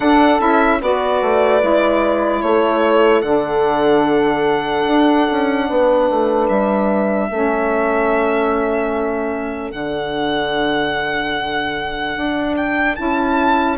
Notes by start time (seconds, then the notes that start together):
0.00 D4 A4 F#5
0.39 C#4 E4 E5
0.81 B3 F#4 B4 D5
1.21 A3
1.60 G#3 E4
2.41 A3 A4 C#5
3.22 D3 D4 F#5
4.86 D4
5.31 C#4
5.69 B3 B4
6.10 A3
6.48 G3 E5
7.28 A3 C#4 A4
9.71 D3 D4 F#5
12.16 D4
12.56 G5
12.95 C#4 E4 A5